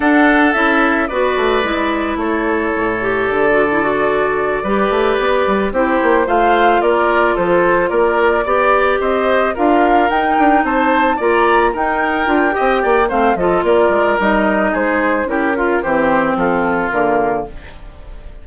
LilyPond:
<<
  \new Staff \with { instrumentName = "flute" } { \time 4/4 \tempo 4 = 110 fis''4 e''4 d''2 | cis''2 d''2~ | d''2~ d''8 c''4 f''8~ | f''8 d''4 c''4 d''4.~ |
d''8 dis''4 f''4 g''4 a''8~ | a''8 ais''4 g''2~ g''8 | f''8 dis''8 d''4 dis''4 c''4 | ais'4 c''4 a'4 ais'4 | }
  \new Staff \with { instrumentName = "oboe" } { \time 4/4 a'2 b'2 | a'1~ | a'8 b'2 g'4 c''8~ | c''8 ais'4 a'4 ais'4 d''8~ |
d''8 c''4 ais'2 c''8~ | c''8 d''4 ais'4. dis''8 d''8 | c''8 a'8 ais'2 gis'4 | g'8 f'8 g'4 f'2 | }
  \new Staff \with { instrumentName = "clarinet" } { \time 4/4 d'4 e'4 fis'4 e'4~ | e'4. g'4 fis'16 e'16 fis'4~ | fis'8 g'2 e'4 f'8~ | f'2.~ f'8 g'8~ |
g'4. f'4 dis'4.~ | dis'8 f'4 dis'4 f'8 g'4 | c'8 f'4. dis'2 | e'8 f'8 c'2 ais4 | }
  \new Staff \with { instrumentName = "bassoon" } { \time 4/4 d'4 cis'4 b8 a8 gis4 | a4 a,4 d2~ | d8 g8 a8 b8 g8 c'8 ais8 a8~ | a8 ais4 f4 ais4 b8~ |
b8 c'4 d'4 dis'8 d'8 c'8~ | c'8 ais4 dis'4 d'8 c'8 ais8 | a8 f8 ais8 gis8 g4 gis4 | cis'4 e4 f4 d4 | }
>>